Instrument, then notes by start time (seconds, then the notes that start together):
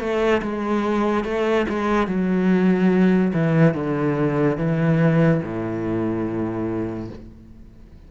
cello
0.00 A3
0.42 G#3
1.24 A3
1.69 G#3
2.08 F#3
3.33 E3
3.75 D3
4.58 E3
5.43 A2